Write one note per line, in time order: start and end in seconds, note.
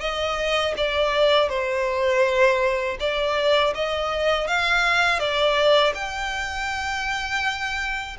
0.00 0.74 D#5
0.77 1.49 D5
1.49 2.97 C5
3.00 3.74 D5
3.75 4.47 D#5
4.47 5.20 F5
5.20 5.94 D5
5.95 8.17 G5